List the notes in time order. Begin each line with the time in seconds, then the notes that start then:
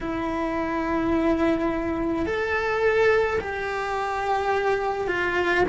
0.00 E4
2.25 A4
3.40 G4
5.07 F4